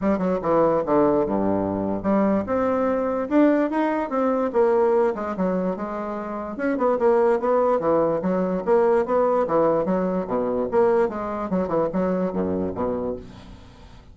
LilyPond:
\new Staff \with { instrumentName = "bassoon" } { \time 4/4 \tempo 4 = 146 g8 fis8 e4 d4 g,4~ | g,4 g4 c'2 | d'4 dis'4 c'4 ais4~ | ais8 gis8 fis4 gis2 |
cis'8 b8 ais4 b4 e4 | fis4 ais4 b4 e4 | fis4 b,4 ais4 gis4 | fis8 e8 fis4 fis,4 b,4 | }